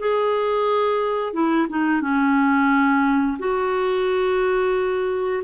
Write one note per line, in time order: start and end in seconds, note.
0.00 1.33 G#4
1.33 1.67 E4
1.70 2.01 D#4
2.01 3.38 C#4
3.39 5.44 F#4